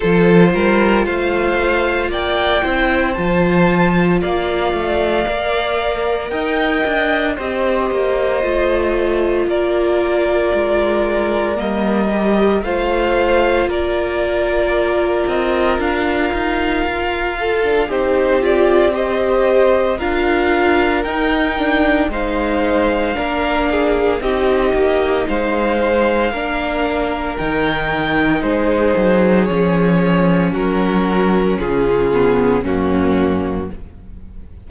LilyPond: <<
  \new Staff \with { instrumentName = "violin" } { \time 4/4 \tempo 4 = 57 c''4 f''4 g''4 a''4 | f''2 g''4 dis''4~ | dis''4 d''2 dis''4 | f''4 d''4. dis''8 f''4~ |
f''4 c''8 d''8 dis''4 f''4 | g''4 f''2 dis''4 | f''2 g''4 c''4 | cis''4 ais'4 gis'4 fis'4 | }
  \new Staff \with { instrumentName = "violin" } { \time 4/4 a'8 ais'8 c''4 d''8 c''4. | d''2 dis''4 c''4~ | c''4 ais'2. | c''4 ais'2.~ |
ais'8 a'8 g'4 c''4 ais'4~ | ais'4 c''4 ais'8 gis'8 g'4 | c''4 ais'2 gis'4~ | gis'4 fis'4 f'4 cis'4 | }
  \new Staff \with { instrumentName = "viola" } { \time 4/4 f'2~ f'8 e'8 f'4~ | f'4 ais'2 g'4 | f'2. ais8 g'8 | f'1~ |
f'8. d'16 dis'8 f'8 g'4 f'4 | dis'8 d'8 dis'4 d'4 dis'4~ | dis'4 d'4 dis'2 | cis'2~ cis'8 b8 ais4 | }
  \new Staff \with { instrumentName = "cello" } { \time 4/4 f8 g8 a4 ais8 c'8 f4 | ais8 a8 ais4 dis'8 d'8 c'8 ais8 | a4 ais4 gis4 g4 | a4 ais4. c'8 d'8 dis'8 |
f'4 c'2 d'4 | dis'4 gis4 ais4 c'8 ais8 | gis4 ais4 dis4 gis8 fis8 | f4 fis4 cis4 fis,4 | }
>>